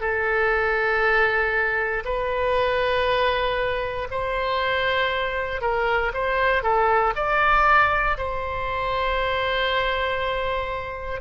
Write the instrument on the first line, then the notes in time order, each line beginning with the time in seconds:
oboe
0.00 A4
2.04 B4
4.10 C5
5.61 A#4
6.13 C5
6.62 A4
7.16 D5
8.17 C5